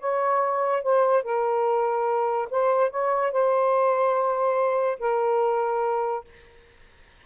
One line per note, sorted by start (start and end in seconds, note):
0.00 0.83 C#5
0.83 1.23 C5
1.23 2.48 A#4
2.51 2.91 C5
2.91 3.32 C#5
3.32 4.99 C5
4.99 6.24 A#4